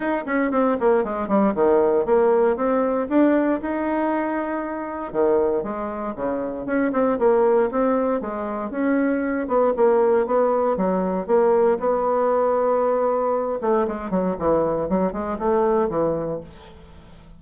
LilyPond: \new Staff \with { instrumentName = "bassoon" } { \time 4/4 \tempo 4 = 117 dis'8 cis'8 c'8 ais8 gis8 g8 dis4 | ais4 c'4 d'4 dis'4~ | dis'2 dis4 gis4 | cis4 cis'8 c'8 ais4 c'4 |
gis4 cis'4. b8 ais4 | b4 fis4 ais4 b4~ | b2~ b8 a8 gis8 fis8 | e4 fis8 gis8 a4 e4 | }